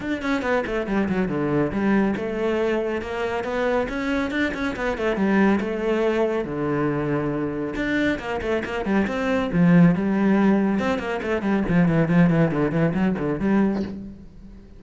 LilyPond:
\new Staff \with { instrumentName = "cello" } { \time 4/4 \tempo 4 = 139 d'8 cis'8 b8 a8 g8 fis8 d4 | g4 a2 ais4 | b4 cis'4 d'8 cis'8 b8 a8 | g4 a2 d4~ |
d2 d'4 ais8 a8 | ais8 g8 c'4 f4 g4~ | g4 c'8 ais8 a8 g8 f8 e8 | f8 e8 d8 e8 fis8 d8 g4 | }